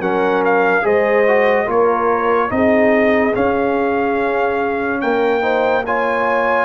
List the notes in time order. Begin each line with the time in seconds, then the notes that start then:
0.00 F#3 C#4 A#4 F#5
0.44 F5
0.82 G#3 G#4 C5 D#5
1.27 F#4
1.66 A#3 F4 A#4 C#5
2.49 C4 D#4 G#4 D#5
3.34 C#4 F5
5.01 A#3 A#4 G5
5.41 D#4 C5
5.85 F4 C#5 G#5